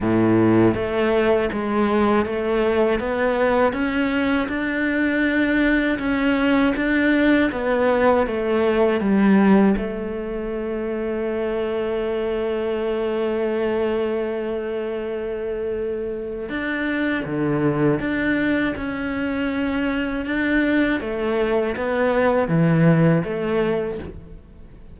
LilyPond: \new Staff \with { instrumentName = "cello" } { \time 4/4 \tempo 4 = 80 a,4 a4 gis4 a4 | b4 cis'4 d'2 | cis'4 d'4 b4 a4 | g4 a2.~ |
a1~ | a2 d'4 d4 | d'4 cis'2 d'4 | a4 b4 e4 a4 | }